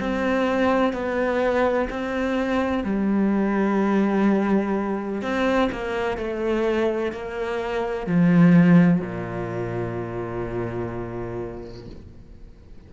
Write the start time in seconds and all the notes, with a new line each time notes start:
0.00 C4
0.93 B3
1.90 C4
2.84 G3
5.22 C4
5.72 A#3
6.18 A3
7.13 A#3
8.07 F3
9.01 A#2